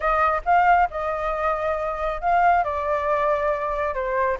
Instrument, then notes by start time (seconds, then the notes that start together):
flute
0.00 D#5
0.45 F5
0.90 D#5
2.21 F5
2.64 D5
3.94 C5